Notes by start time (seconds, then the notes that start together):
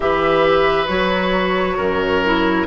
0.00 E3 G4 B4 E5
0.87 F#3 F#4 C#5
1.76 F#2 A#4
2.25 E4